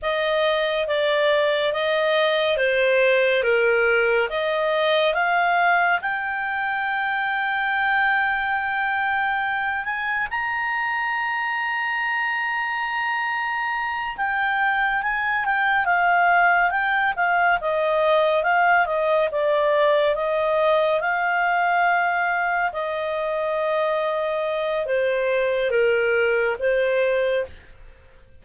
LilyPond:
\new Staff \with { instrumentName = "clarinet" } { \time 4/4 \tempo 4 = 70 dis''4 d''4 dis''4 c''4 | ais'4 dis''4 f''4 g''4~ | g''2.~ g''8 gis''8 | ais''1~ |
ais''8 g''4 gis''8 g''8 f''4 g''8 | f''8 dis''4 f''8 dis''8 d''4 dis''8~ | dis''8 f''2 dis''4.~ | dis''4 c''4 ais'4 c''4 | }